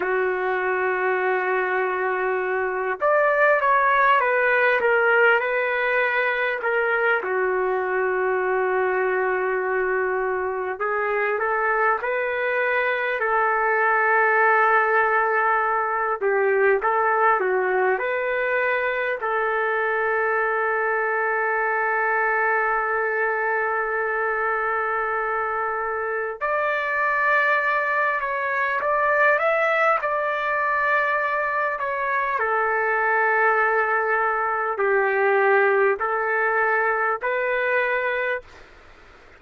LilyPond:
\new Staff \with { instrumentName = "trumpet" } { \time 4/4 \tempo 4 = 50 fis'2~ fis'8 d''8 cis''8 b'8 | ais'8 b'4 ais'8 fis'2~ | fis'4 gis'8 a'8 b'4 a'4~ | a'4. g'8 a'8 fis'8 b'4 |
a'1~ | a'2 d''4. cis''8 | d''8 e''8 d''4. cis''8 a'4~ | a'4 g'4 a'4 b'4 | }